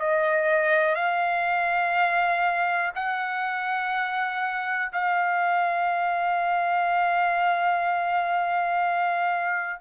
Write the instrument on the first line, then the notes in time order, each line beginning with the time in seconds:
trumpet
0.00 D#5
0.96 F5
2.96 F#5
4.93 F5